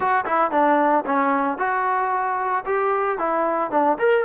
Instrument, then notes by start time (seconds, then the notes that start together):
trombone
0.00 F#4
0.25 E4
0.51 D4
1.05 C#4
1.58 F#4
2.65 G4
3.18 E4
3.70 D4
3.98 A#4